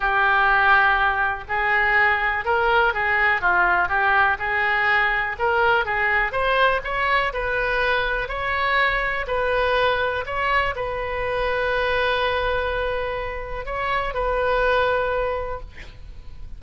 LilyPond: \new Staff \with { instrumentName = "oboe" } { \time 4/4 \tempo 4 = 123 g'2. gis'4~ | gis'4 ais'4 gis'4 f'4 | g'4 gis'2 ais'4 | gis'4 c''4 cis''4 b'4~ |
b'4 cis''2 b'4~ | b'4 cis''4 b'2~ | b'1 | cis''4 b'2. | }